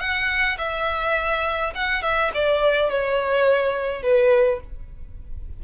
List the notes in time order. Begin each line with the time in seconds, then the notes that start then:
0.00 F#5
0.58 E5
1.75 F#5
2.02 E5
2.34 D5
2.90 C#5
4.03 B4